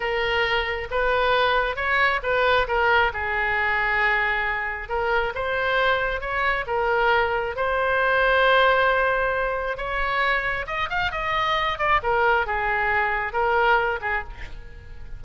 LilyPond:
\new Staff \with { instrumentName = "oboe" } { \time 4/4 \tempo 4 = 135 ais'2 b'2 | cis''4 b'4 ais'4 gis'4~ | gis'2. ais'4 | c''2 cis''4 ais'4~ |
ais'4 c''2.~ | c''2 cis''2 | dis''8 f''8 dis''4. d''8 ais'4 | gis'2 ais'4. gis'8 | }